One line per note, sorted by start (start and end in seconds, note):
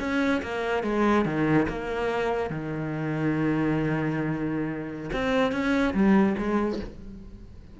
0.00 0.42 C#4
0.43 0.84 A#3
0.84 1.25 G#3
1.26 1.67 D#3
1.69 2.50 A#3
2.50 5.11 D#3
5.13 5.52 C4
5.52 5.94 C#4
5.94 6.36 G3
6.38 6.80 G#3